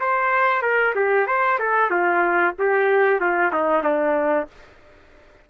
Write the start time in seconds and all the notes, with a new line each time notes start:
0.00 C5
0.62 A#4
0.95 G4
1.27 C5
1.59 A4
1.90 F4
2.59 G4
3.20 F4
3.53 D#4
3.83 D4